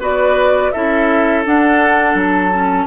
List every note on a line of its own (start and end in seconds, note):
0.00 0.71 B3
0.00 0.72 F#4
0.00 0.72 B4
0.00 0.72 D5
0.72 1.46 C#4
0.72 1.45 E4
0.72 2.87 A4
0.72 1.43 E5
1.45 2.52 D4
1.45 2.15 D4
1.45 2.17 F#5
2.15 2.86 F#3
2.15 2.87 A5
2.53 2.87 C#4